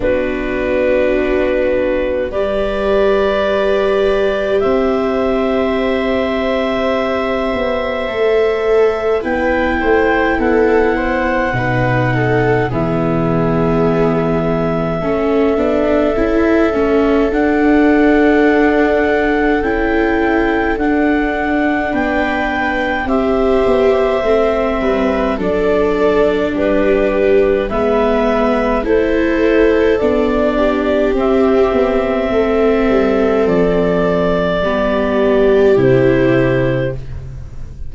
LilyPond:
<<
  \new Staff \with { instrumentName = "clarinet" } { \time 4/4 \tempo 4 = 52 b'2 d''2 | e''1 | g''4 fis''2 e''4~ | e''2. fis''4~ |
fis''4 g''4 fis''4 g''4 | e''2 d''4 b'4 | e''4 c''4 d''4 e''4~ | e''4 d''2 c''4 | }
  \new Staff \with { instrumentName = "viola" } { \time 4/4 fis'2 b'2 | c''1 | b'8 c''8 a'8 c''8 b'8 a'8 gis'4~ | gis'4 a'2.~ |
a'2. b'4 | c''4. b'8 a'4 g'4 | b'4 a'4. g'4. | a'2 g'2 | }
  \new Staff \with { instrumentName = "viola" } { \time 4/4 d'2 g'2~ | g'2. a'4 | e'2 dis'4 b4~ | b4 cis'8 d'8 e'8 cis'8 d'4~ |
d'4 e'4 d'2 | g'4 c'4 d'2 | b4 e'4 d'4 c'4~ | c'2 b4 e'4 | }
  \new Staff \with { instrumentName = "tuba" } { \time 4/4 b2 g2 | c'2~ c'8 b8 a4 | b8 a8 b4 b,4 e4~ | e4 a8 b8 cis'8 a8 d'4~ |
d'4 cis'4 d'4 b4 | c'8 b8 a8 g8 fis4 g4 | gis4 a4 b4 c'8 b8 | a8 g8 f4 g4 c4 | }
>>